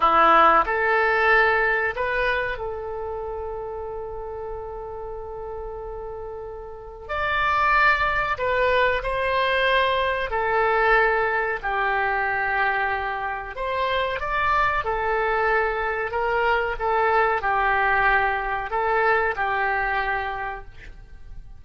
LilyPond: \new Staff \with { instrumentName = "oboe" } { \time 4/4 \tempo 4 = 93 e'4 a'2 b'4 | a'1~ | a'2. d''4~ | d''4 b'4 c''2 |
a'2 g'2~ | g'4 c''4 d''4 a'4~ | a'4 ais'4 a'4 g'4~ | g'4 a'4 g'2 | }